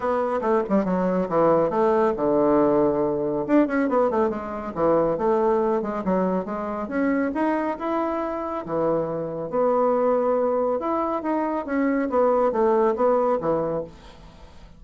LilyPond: \new Staff \with { instrumentName = "bassoon" } { \time 4/4 \tempo 4 = 139 b4 a8 g8 fis4 e4 | a4 d2. | d'8 cis'8 b8 a8 gis4 e4 | a4. gis8 fis4 gis4 |
cis'4 dis'4 e'2 | e2 b2~ | b4 e'4 dis'4 cis'4 | b4 a4 b4 e4 | }